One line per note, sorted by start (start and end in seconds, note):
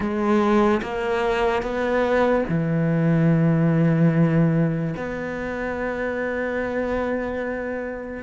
0.00 0.81 G#3
0.82 1.62 A#3
1.62 2.44 B3
2.48 4.95 E3
4.96 8.23 B3